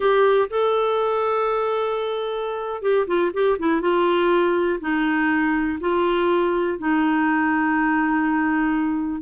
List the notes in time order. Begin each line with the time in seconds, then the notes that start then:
0.00 G4
0.50 A4
2.82 G4
3.07 F4
3.33 G4
3.58 E4
3.81 F4
4.80 D#4
5.80 F4
6.78 D#4